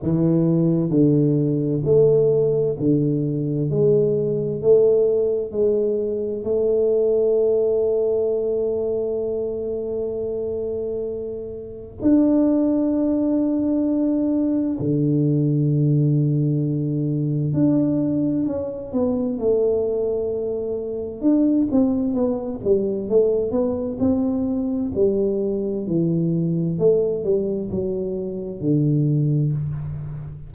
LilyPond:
\new Staff \with { instrumentName = "tuba" } { \time 4/4 \tempo 4 = 65 e4 d4 a4 d4 | gis4 a4 gis4 a4~ | a1~ | a4 d'2. |
d2. d'4 | cis'8 b8 a2 d'8 c'8 | b8 g8 a8 b8 c'4 g4 | e4 a8 g8 fis4 d4 | }